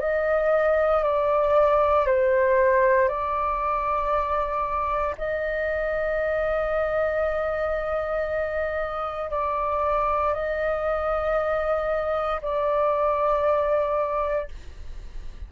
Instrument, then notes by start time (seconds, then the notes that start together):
flute
0.00 D#5
1.04 D5
2.07 C5
3.08 D5
5.18 D#5
9.31 D5
10.34 D#5
12.42 D5